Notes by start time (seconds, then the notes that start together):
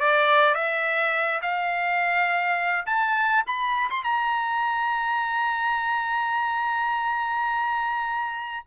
0.00 D5
0.55 E5
1.42 F5
2.86 A5
3.47 B5
3.90 C6
4.04 A#5